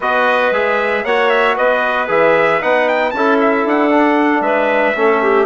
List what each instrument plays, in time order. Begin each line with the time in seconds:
0.00 bassoon B3, trombone F#4, clarinet B4, trumpet D#5
0.51 bassoon G#3, trombone G#4, trumpet E5
1.04 bassoon A#3, trombone F#4, clarinet C#5, trumpet F#5
1.29 trumpet E5
1.55 bassoon B3, clarinet B4, trumpet D#5
2.07 bassoon E3, trombone G#4, trumpet E5
2.60 bassoon B3, trombone D#4, trumpet F#5
2.88 trumpet G5
3.10 bassoon C#4, trombone E4, clarinet A4, trumpet A5
3.40 trumpet E5
3.64 bassoon D4, trumpet F#5
3.90 trombone D4
4.41 bassoon G#3, clarinet B4, trumpet E5
4.95 bassoon A3, trombone C#4, clarinet A4
5.22 clarinet G4